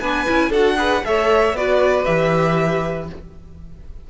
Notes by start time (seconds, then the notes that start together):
0.00 B3 D4 B4 G#5
0.26 C#4 E4
0.50 D4 F#4 A4 F#5
0.77 G#4 B4
1.04 A3 A4 C#5 E5
1.53 B3 F#4 B4 D5
2.05 E3 G4 E5